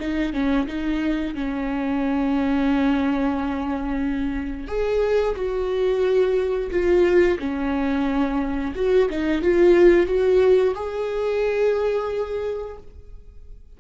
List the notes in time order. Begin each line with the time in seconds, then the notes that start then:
0.00 D#4
0.33 C#4
0.67 D#4
1.35 C#4
4.68 G#4
5.36 F#4
6.71 F4
7.39 C#4
8.76 F#4
9.10 D#4
9.42 F4
10.07 F#4
10.75 G#4